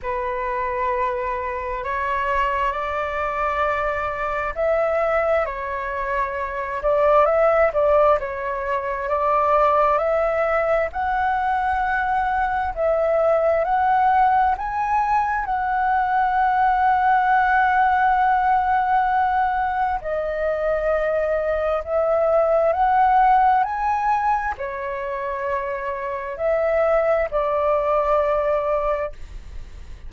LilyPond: \new Staff \with { instrumentName = "flute" } { \time 4/4 \tempo 4 = 66 b'2 cis''4 d''4~ | d''4 e''4 cis''4. d''8 | e''8 d''8 cis''4 d''4 e''4 | fis''2 e''4 fis''4 |
gis''4 fis''2.~ | fis''2 dis''2 | e''4 fis''4 gis''4 cis''4~ | cis''4 e''4 d''2 | }